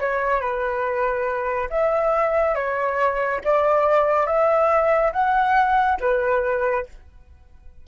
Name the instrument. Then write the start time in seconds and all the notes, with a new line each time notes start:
flute
0.00 C#5
0.41 B4
1.70 E5
2.55 C#5
3.44 D5
4.27 E5
5.13 F#5
6.01 B4